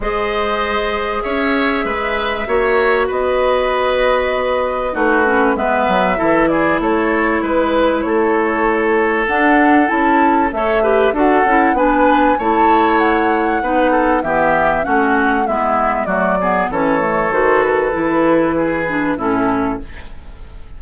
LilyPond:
<<
  \new Staff \with { instrumentName = "flute" } { \time 4/4 \tempo 4 = 97 dis''2 e''2~ | e''4 dis''2. | b'4 e''4. d''8 cis''4 | b'4 cis''2 fis''4 |
a''4 e''4 fis''4 gis''4 | a''4 fis''2 e''4 | fis''4 e''4 d''4 cis''4 | c''8 b'2~ b'8 a'4 | }
  \new Staff \with { instrumentName = "oboe" } { \time 4/4 c''2 cis''4 b'4 | cis''4 b'2. | fis'4 b'4 a'8 gis'8 a'4 | b'4 a'2.~ |
a'4 cis''8 b'8 a'4 b'4 | cis''2 b'8 a'8 g'4 | fis'4 e'4 fis'8 gis'8 a'4~ | a'2 gis'4 e'4 | }
  \new Staff \with { instrumentName = "clarinet" } { \time 4/4 gis'1 | fis'1 | dis'8 cis'8 b4 e'2~ | e'2. d'4 |
e'4 a'8 g'8 fis'8 e'8 d'4 | e'2 dis'4 b4 | cis'4 b4 a8 b8 cis'8 a8 | fis'4 e'4. d'8 cis'4 | }
  \new Staff \with { instrumentName = "bassoon" } { \time 4/4 gis2 cis'4 gis4 | ais4 b2. | a4 gis8 fis8 e4 a4 | gis4 a2 d'4 |
cis'4 a4 d'8 cis'8 b4 | a2 b4 e4 | a4 gis4 fis4 e4 | dis4 e2 a,4 | }
>>